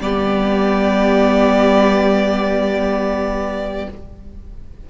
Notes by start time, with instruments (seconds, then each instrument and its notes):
0.00 cello G3, viola B3, violin G4 D5